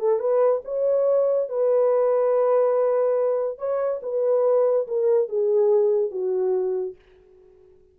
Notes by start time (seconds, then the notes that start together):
0.00 A4
0.20 B4
0.65 C#5
1.49 B4
3.59 C#5
4.03 B4
4.88 A#4
5.29 G#4
6.11 F#4